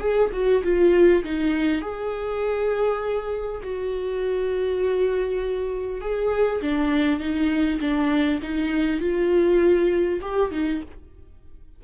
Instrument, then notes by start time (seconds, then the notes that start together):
viola
0.00 G#4
0.33 F#4
0.64 F4
1.24 D#4
1.82 G#4
3.63 F#4
6.01 G#4
6.62 D4
7.20 D#4
7.81 D4
8.42 D#4
9.00 F4
10.22 G4
10.52 D#4